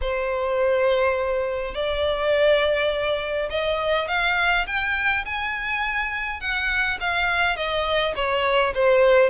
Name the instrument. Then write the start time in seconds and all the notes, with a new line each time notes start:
violin
0.01 C5
1.74 D5
3.50 D#5
4.08 F5
4.66 G5
5.25 G#5
6.40 F#5
7.00 F5
7.56 D#5
8.15 C#5
8.74 C5